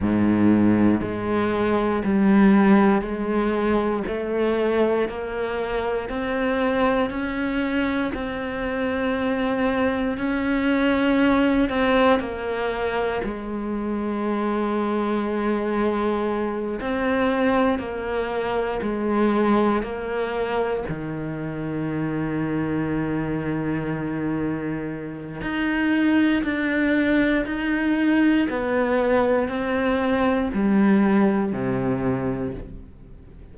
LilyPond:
\new Staff \with { instrumentName = "cello" } { \time 4/4 \tempo 4 = 59 gis,4 gis4 g4 gis4 | a4 ais4 c'4 cis'4 | c'2 cis'4. c'8 | ais4 gis2.~ |
gis8 c'4 ais4 gis4 ais8~ | ais8 dis2.~ dis8~ | dis4 dis'4 d'4 dis'4 | b4 c'4 g4 c4 | }